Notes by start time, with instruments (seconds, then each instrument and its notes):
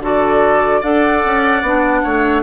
0.00 bassoon D3, clarinet F#4, oboe A4, flute D5
0.81 bassoon D4, clarinet A4, oboe D5, flute F#5
1.25 bassoon C#4
1.62 bassoon B3, clarinet D4
2.03 bassoon A3, oboe C#5